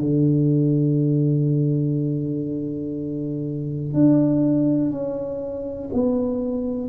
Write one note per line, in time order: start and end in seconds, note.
0.00 3.93 D3
3.93 4.91 D4
4.91 5.89 C#4
5.93 6.88 B3